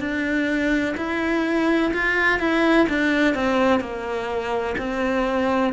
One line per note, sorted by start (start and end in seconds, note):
0.00 0.95 D4
0.97 1.93 E4
1.94 2.40 F4
2.40 2.87 E4
2.90 3.35 D4
3.35 3.81 C4
3.81 4.76 A#3
4.78 5.73 C4